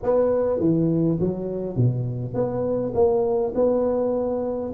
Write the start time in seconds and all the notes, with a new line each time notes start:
0.03 B3
0.59 E3
1.20 F#3
1.76 B2
2.34 B3
2.94 A#3
3.54 B3